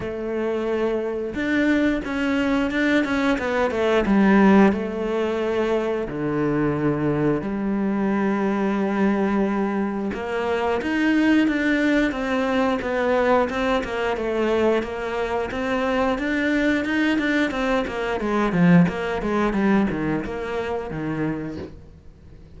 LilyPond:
\new Staff \with { instrumentName = "cello" } { \time 4/4 \tempo 4 = 89 a2 d'4 cis'4 | d'8 cis'8 b8 a8 g4 a4~ | a4 d2 g4~ | g2. ais4 |
dis'4 d'4 c'4 b4 | c'8 ais8 a4 ais4 c'4 | d'4 dis'8 d'8 c'8 ais8 gis8 f8 | ais8 gis8 g8 dis8 ais4 dis4 | }